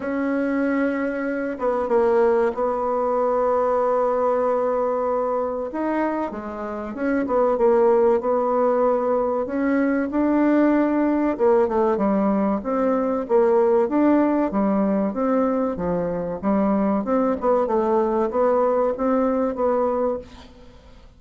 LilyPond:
\new Staff \with { instrumentName = "bassoon" } { \time 4/4 \tempo 4 = 95 cis'2~ cis'8 b8 ais4 | b1~ | b4 dis'4 gis4 cis'8 b8 | ais4 b2 cis'4 |
d'2 ais8 a8 g4 | c'4 ais4 d'4 g4 | c'4 f4 g4 c'8 b8 | a4 b4 c'4 b4 | }